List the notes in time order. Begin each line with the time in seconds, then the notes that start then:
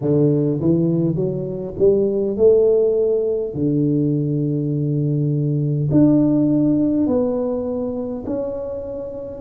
0.01 D3
0.60 E3
1.15 F#3
1.78 G3
2.36 A3
3.53 D3
5.91 D4
7.06 B3
8.26 C#4